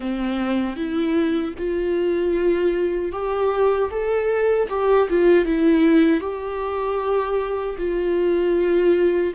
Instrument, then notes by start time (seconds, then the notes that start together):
viola
0.00 C4
0.76 E4
1.57 F4
3.12 G4
3.90 A4
4.69 G4
5.09 F4
5.45 E4
6.20 G4
7.77 F4